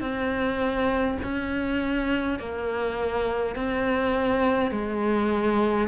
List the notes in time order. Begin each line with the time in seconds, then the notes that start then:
0.00 C4
1.22 C#4
2.39 A#3
3.55 C4
4.71 G#3